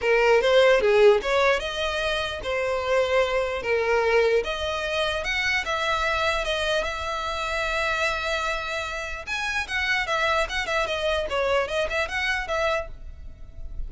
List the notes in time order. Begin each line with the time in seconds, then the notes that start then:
0.01 A#4
0.41 C5
0.80 G#4
1.22 C#5
1.59 D#5
2.43 C5
3.62 A#4
4.44 D#5
5.23 F#5
5.65 E5
6.44 D#5
6.83 E5
9.26 G#5
9.67 F#5
10.06 E5
10.49 F#5
10.66 E5
10.86 D#5
11.29 C#5
11.68 D#5
11.89 E5
12.08 F#5
12.47 E5